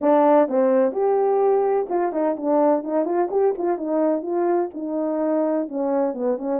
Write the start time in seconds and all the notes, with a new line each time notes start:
0.01 D4
0.48 C4
0.92 G4
1.89 F4
2.12 D#4
2.36 D4
2.83 D#4
3.05 F4
3.30 G4
3.58 F4
3.77 D#4
4.22 F4
4.74 D#4
5.68 C#4
6.14 B3
6.37 C#4